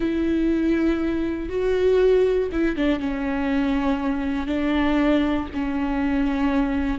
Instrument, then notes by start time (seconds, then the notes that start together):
viola
0.00 E4
1.49 F#4
2.51 E4
2.75 D4
2.99 C#4
4.46 D4
5.54 C#4